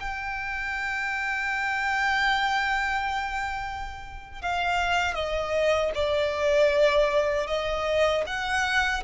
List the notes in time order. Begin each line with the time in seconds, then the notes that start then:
0.00 G5
4.42 F5
5.15 D#5
5.95 D5
7.48 D#5
8.27 F#5